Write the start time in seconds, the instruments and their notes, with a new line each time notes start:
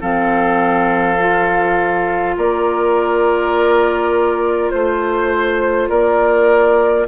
0.00 bassoon F3, clarinet C4, oboe A4, flute F5
1.20 clarinet F4
2.37 bassoon A#3, oboe A#4, flute D5
4.70 bassoon A3, flute C5, oboe C5
5.89 bassoon A#3, oboe A#4, flute D5